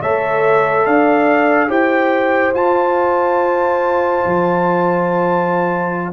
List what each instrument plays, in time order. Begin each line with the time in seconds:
0.00 tuba A3, trombone A4, horn C#5, trumpet E5
0.85 tuba D4, horn D5, trumpet F5
1.68 tuba E4, trombone G4, horn C5, trumpet G5
2.53 trombone F4, tuba F4, trumpet A5
4.25 tuba F3